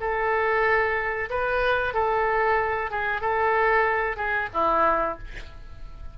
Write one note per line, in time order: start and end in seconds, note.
0.00 1.29 A4
1.29 1.94 B4
1.94 2.90 A4
2.90 3.21 G#4
3.21 4.16 A4
4.16 4.48 G#4
4.53 5.18 E4